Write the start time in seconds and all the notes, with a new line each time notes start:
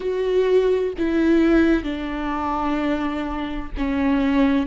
0.00 F#4
0.98 E4
1.83 D4
3.77 C#4